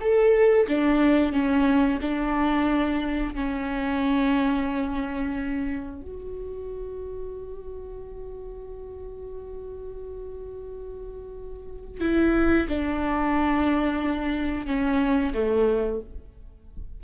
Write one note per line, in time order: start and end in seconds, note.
0.00 0.67 A4
0.67 1.32 D4
1.32 1.99 C#4
2.01 3.34 D4
3.34 6.01 C#4
6.01 12.00 F#4
12.00 12.67 E4
12.68 14.66 D4
14.66 15.32 C#4
15.34 16.00 A3